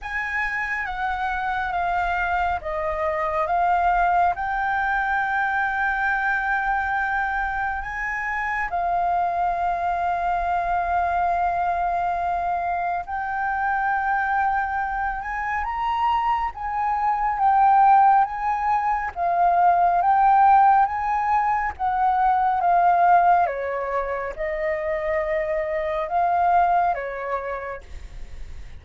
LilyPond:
\new Staff \with { instrumentName = "flute" } { \time 4/4 \tempo 4 = 69 gis''4 fis''4 f''4 dis''4 | f''4 g''2.~ | g''4 gis''4 f''2~ | f''2. g''4~ |
g''4. gis''8 ais''4 gis''4 | g''4 gis''4 f''4 g''4 | gis''4 fis''4 f''4 cis''4 | dis''2 f''4 cis''4 | }